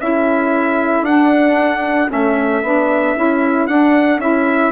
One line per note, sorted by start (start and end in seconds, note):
0.00 1.02 C#4
0.00 1.06 E4
0.00 4.72 A4
0.00 1.05 E5
1.02 2.07 D4
1.02 2.09 D4
1.02 2.11 F#5
2.09 2.63 A3
2.09 2.62 C#4
2.09 3.67 E5
2.63 3.16 B3
2.63 3.17 D4
3.17 3.68 C#4
3.17 3.69 E4
3.67 4.18 D4
3.67 4.21 D4
3.67 4.20 F#5
4.18 4.71 C#4
4.18 4.72 E4
4.18 4.72 E5